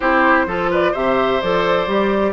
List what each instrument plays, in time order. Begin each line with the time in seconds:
0.00 bassoon C4, clarinet E4, oboe G4, flute C5
0.46 bassoon F3, clarinet F4, oboe A4
0.70 oboe B4, flute D5
0.92 bassoon C3, clarinet G4, oboe C5, flute E5
1.41 bassoon F3, clarinet A4, flute D5
1.86 bassoon G3, clarinet G4